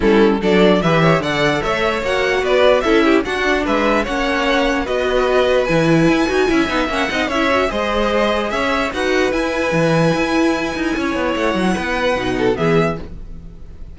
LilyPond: <<
  \new Staff \with { instrumentName = "violin" } { \time 4/4 \tempo 4 = 148 a'4 d''4 e''4 fis''4 | e''4 fis''4 d''4 e''4 | fis''4 e''4 fis''2 | dis''2 gis''2~ |
gis''4 fis''4 e''4 dis''4~ | dis''4 e''4 fis''4 gis''4~ | gis''1 | fis''2. e''4 | }
  \new Staff \with { instrumentName = "violin" } { \time 4/4 e'4 a'4 b'8 cis''8 d''4 | cis''2 b'4 a'8 g'8 | fis'4 b'4 cis''2 | b'1 |
e''4. dis''8 cis''4 c''4~ | c''4 cis''4 b'2~ | b'2. cis''4~ | cis''4 b'4. a'8 gis'4 | }
  \new Staff \with { instrumentName = "viola" } { \time 4/4 cis'4 d'4 g'4 a'4~ | a'4 fis'2 e'4 | d'2 cis'2 | fis'2 e'4. fis'8 |
e'8 dis'8 cis'8 dis'8 e'8 fis'8 gis'4~ | gis'2 fis'4 e'4~ | e'1~ | e'2 dis'4 b4 | }
  \new Staff \with { instrumentName = "cello" } { \time 4/4 g4 fis4 e4 d4 | a4 ais4 b4 cis'4 | d'4 gis4 ais2 | b2 e4 e'8 dis'8 |
cis'8 b8 ais8 c'8 cis'4 gis4~ | gis4 cis'4 dis'4 e'4 | e4 e'4. dis'8 cis'8 b8 | a8 fis8 b4 b,4 e4 | }
>>